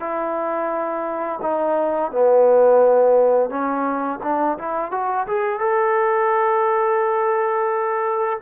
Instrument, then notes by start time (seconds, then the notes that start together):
trombone
0.00 E4
1.42 D#4
2.12 B3
3.50 C#4
4.23 D4
4.59 E4
4.92 F#4
5.27 G#4
5.60 A4